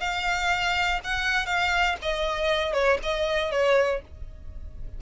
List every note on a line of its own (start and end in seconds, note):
0.00 1.00 F5
1.04 1.46 F#5
1.46 1.96 F5
2.02 2.73 D#5
2.73 2.98 C#5
3.02 3.51 D#5
3.51 4.01 C#5